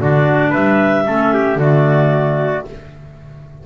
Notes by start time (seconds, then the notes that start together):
0.00 D3 D4 F#4 D5
0.50 G3 B4 E5
1.06 A3 C#4 A4
1.34 G4
1.56 D3 A3 F#4 D5